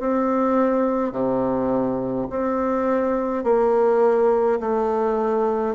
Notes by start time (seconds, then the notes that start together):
0.00 C4
1.12 C3
2.30 C4
3.44 A#3
4.60 A3